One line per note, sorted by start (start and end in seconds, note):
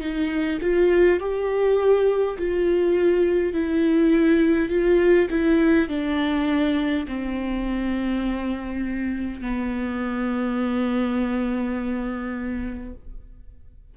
0.00 0.59 D#4
0.61 1.20 F4
1.20 2.37 G4
2.39 3.53 F4
3.53 4.70 E4
4.70 5.28 F4
5.30 5.89 E4
5.89 7.06 D4
7.07 9.42 C4
9.42 12.95 B3